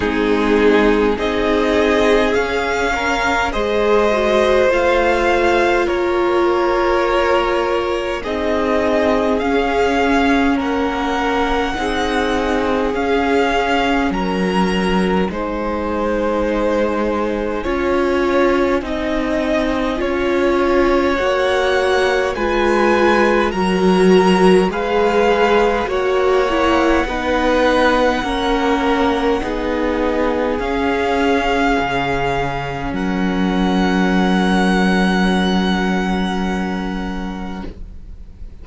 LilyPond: <<
  \new Staff \with { instrumentName = "violin" } { \time 4/4 \tempo 4 = 51 gis'4 dis''4 f''4 dis''4 | f''4 cis''2 dis''4 | f''4 fis''2 f''4 | ais''4 gis''2.~ |
gis''2 fis''4 gis''4 | ais''4 f''4 fis''2~ | fis''2 f''2 | fis''1 | }
  \new Staff \with { instrumentName = "violin" } { \time 4/4 dis'4 gis'4. ais'8 c''4~ | c''4 ais'2 gis'4~ | gis'4 ais'4 gis'2 | ais'4 c''2 cis''4 |
dis''4 cis''2 b'4 | ais'4 b'4 cis''4 b'4 | ais'4 gis'2. | ais'1 | }
  \new Staff \with { instrumentName = "viola" } { \time 4/4 c'4 dis'4 cis'4 gis'8 fis'8 | f'2. dis'4 | cis'2 dis'4 cis'4~ | cis'4 dis'2 f'4 |
dis'4 f'4 fis'4 f'4 | fis'4 gis'4 fis'8 e'8 dis'4 | cis'4 dis'4 cis'2~ | cis'1 | }
  \new Staff \with { instrumentName = "cello" } { \time 4/4 gis4 c'4 cis'4 gis4 | a4 ais2 c'4 | cis'4 ais4 c'4 cis'4 | fis4 gis2 cis'4 |
c'4 cis'4 ais4 gis4 | fis4 gis4 ais4 b4 | ais4 b4 cis'4 cis4 | fis1 | }
>>